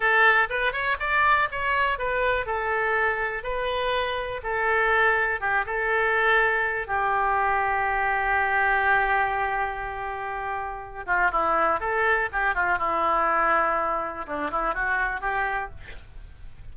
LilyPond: \new Staff \with { instrumentName = "oboe" } { \time 4/4 \tempo 4 = 122 a'4 b'8 cis''8 d''4 cis''4 | b'4 a'2 b'4~ | b'4 a'2 g'8 a'8~ | a'2 g'2~ |
g'1~ | g'2~ g'8 f'8 e'4 | a'4 g'8 f'8 e'2~ | e'4 d'8 e'8 fis'4 g'4 | }